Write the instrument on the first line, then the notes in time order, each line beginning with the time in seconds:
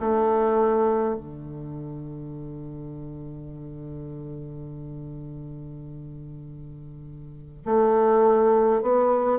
bassoon
0.00 A3
1.15 D3
7.65 A3
8.82 B3